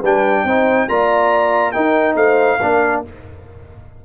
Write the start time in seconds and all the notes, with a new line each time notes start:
0.00 G3 D4 B4 G5
0.44 C4 D#4 C5
0.88 A#3 F4 D5 A#5
1.72 D#4 A#4 G5
2.15 A3 C5 F5
2.61 A#3 D4 A#4